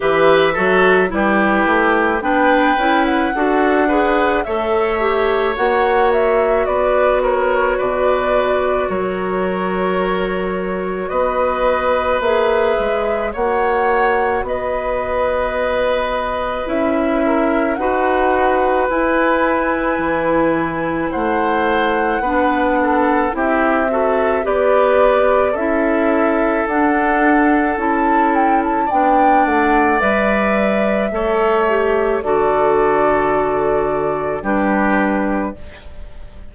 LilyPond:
<<
  \new Staff \with { instrumentName = "flute" } { \time 4/4 \tempo 4 = 54 e''4 b'4 g''8. fis''4~ fis''16 | e''4 fis''8 e''8 d''8 cis''8 d''4 | cis''2 dis''4 e''4 | fis''4 dis''2 e''4 |
fis''4 gis''2 fis''4~ | fis''4 e''4 d''4 e''4 | fis''4 a''8 g''16 a''16 g''8 fis''8 e''4~ | e''4 d''2 b'4 | }
  \new Staff \with { instrumentName = "oboe" } { \time 4/4 b'8 a'8 g'4 b'4 a'8 b'8 | cis''2 b'8 ais'8 b'4 | ais'2 b'2 | cis''4 b'2~ b'8 ais'8 |
b'2. c''4 | b'8 a'8 g'8 a'8 b'4 a'4~ | a'2 d''2 | cis''4 a'2 g'4 | }
  \new Staff \with { instrumentName = "clarinet" } { \time 4/4 g'8 fis'8 e'4 d'8 e'8 fis'8 gis'8 | a'8 g'8 fis'2.~ | fis'2. gis'4 | fis'2. e'4 |
fis'4 e'2. | d'4 e'8 fis'8 g'4 e'4 | d'4 e'4 d'4 b'4 | a'8 g'8 fis'2 d'4 | }
  \new Staff \with { instrumentName = "bassoon" } { \time 4/4 e8 fis8 g8 a8 b8 cis'8 d'4 | a4 ais4 b4 b,4 | fis2 b4 ais8 gis8 | ais4 b2 cis'4 |
dis'4 e'4 e4 a4 | b4 c'4 b4 cis'4 | d'4 cis'4 b8 a8 g4 | a4 d2 g4 | }
>>